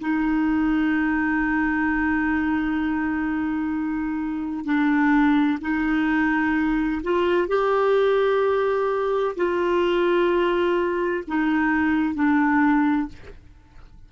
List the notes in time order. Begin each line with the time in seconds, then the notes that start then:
0.00 D#4
4.65 D4
5.61 D#4
7.03 F4
7.47 G4
9.36 F4
11.27 D#4
12.14 D4